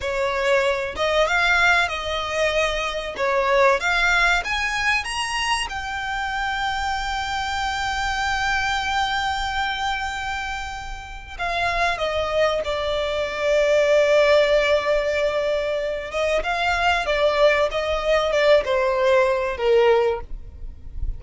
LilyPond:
\new Staff \with { instrumentName = "violin" } { \time 4/4 \tempo 4 = 95 cis''4. dis''8 f''4 dis''4~ | dis''4 cis''4 f''4 gis''4 | ais''4 g''2.~ | g''1~ |
g''2 f''4 dis''4 | d''1~ | d''4. dis''8 f''4 d''4 | dis''4 d''8 c''4. ais'4 | }